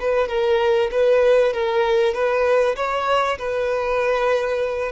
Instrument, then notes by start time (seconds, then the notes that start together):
violin
0.00 B4
0.28 A#4
0.91 B4
1.53 A#4
2.14 B4
2.76 C#5
3.38 B4